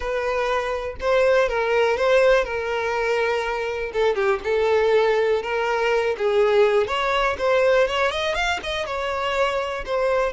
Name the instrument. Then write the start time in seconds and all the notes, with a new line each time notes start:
violin
0.00 B4
1.00 C5
1.48 A#4
1.97 C5
2.44 A#4
3.93 A4
4.15 G4
4.44 A4
5.42 A#4
6.17 G#4
6.87 C#5
7.38 C5
7.87 C#5
8.11 D#5
8.35 F5
8.63 D#5
8.85 C#5
9.85 C5